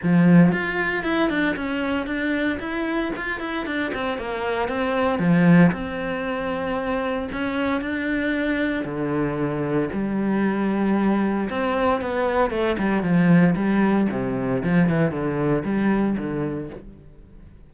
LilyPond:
\new Staff \with { instrumentName = "cello" } { \time 4/4 \tempo 4 = 115 f4 f'4 e'8 d'8 cis'4 | d'4 e'4 f'8 e'8 d'8 c'8 | ais4 c'4 f4 c'4~ | c'2 cis'4 d'4~ |
d'4 d2 g4~ | g2 c'4 b4 | a8 g8 f4 g4 c4 | f8 e8 d4 g4 d4 | }